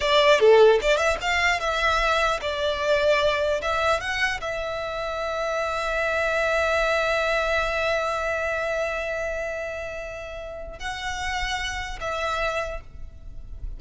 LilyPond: \new Staff \with { instrumentName = "violin" } { \time 4/4 \tempo 4 = 150 d''4 a'4 d''8 e''8 f''4 | e''2 d''2~ | d''4 e''4 fis''4 e''4~ | e''1~ |
e''1~ | e''1~ | e''2. fis''4~ | fis''2 e''2 | }